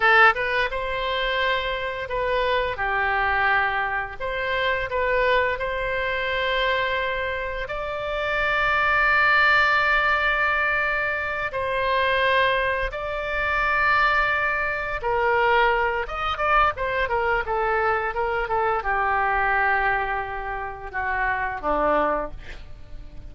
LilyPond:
\new Staff \with { instrumentName = "oboe" } { \time 4/4 \tempo 4 = 86 a'8 b'8 c''2 b'4 | g'2 c''4 b'4 | c''2. d''4~ | d''1~ |
d''8 c''2 d''4.~ | d''4. ais'4. dis''8 d''8 | c''8 ais'8 a'4 ais'8 a'8 g'4~ | g'2 fis'4 d'4 | }